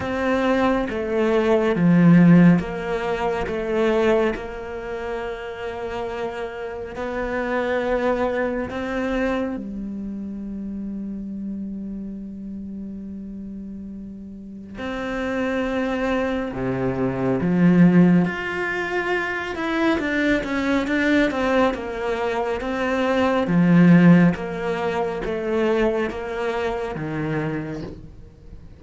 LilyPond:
\new Staff \with { instrumentName = "cello" } { \time 4/4 \tempo 4 = 69 c'4 a4 f4 ais4 | a4 ais2. | b2 c'4 g4~ | g1~ |
g4 c'2 c4 | f4 f'4. e'8 d'8 cis'8 | d'8 c'8 ais4 c'4 f4 | ais4 a4 ais4 dis4 | }